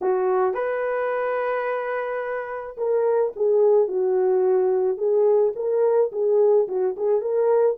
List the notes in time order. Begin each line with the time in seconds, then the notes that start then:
0.01 F#4
0.54 B4
2.77 A#4
3.36 G#4
3.88 F#4
4.97 G#4
5.55 A#4
6.12 G#4
6.68 F#4
6.96 G#4
7.21 A#4